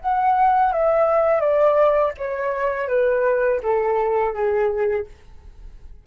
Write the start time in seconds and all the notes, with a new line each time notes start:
0.00 F#5
0.72 E5
1.40 D5
2.18 C#5
2.88 B4
3.62 A4
4.33 G#4